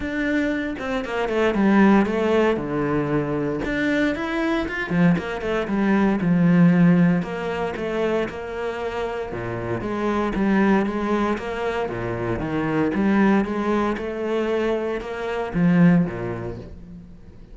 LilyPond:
\new Staff \with { instrumentName = "cello" } { \time 4/4 \tempo 4 = 116 d'4. c'8 ais8 a8 g4 | a4 d2 d'4 | e'4 f'8 f8 ais8 a8 g4 | f2 ais4 a4 |
ais2 ais,4 gis4 | g4 gis4 ais4 ais,4 | dis4 g4 gis4 a4~ | a4 ais4 f4 ais,4 | }